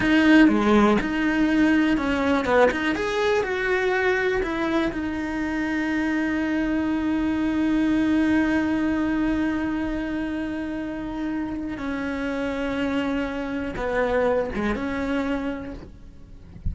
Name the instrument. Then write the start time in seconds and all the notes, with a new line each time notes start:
cello
0.00 D#4
0.48 G#3
1.01 D#4
1.97 C#4
2.45 B3
2.71 D#4
2.95 G#4
3.43 F#4
4.42 E4
4.92 D#4
11.77 C#4
13.76 B3
14.54 G#3
14.75 C#4